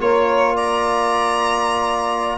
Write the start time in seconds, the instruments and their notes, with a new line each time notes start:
0.00 tuba A#3, trombone F4, saxophone A#4, violin C#5
0.55 saxophone D5, violin A#5